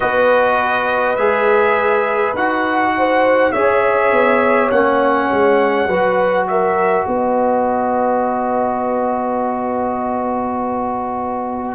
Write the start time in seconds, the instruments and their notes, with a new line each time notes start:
0.00 tuba B3, trombone F#4, horn B4, trumpet D#5
1.15 tuba G#3, trombone G#4, trumpet E5
2.33 tuba D#4, trombone F#4, trumpet F#5
2.97 horn C5
3.51 tuba C#4, trombone G#4, horn C#5, trumpet E5
4.12 tuba B3
4.70 tuba A#3, trombone C#4, trumpet F#5
5.30 tuba G#3
5.87 tuba F#3, trombone F#4, horn B4
6.47 horn A#4, trumpet E5
7.06 tuba B3, horn B4, trumpet D#5